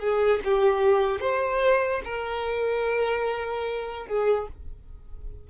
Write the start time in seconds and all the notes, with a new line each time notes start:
0.00 G#4
0.45 G4
1.21 C5
2.05 A#4
4.07 G#4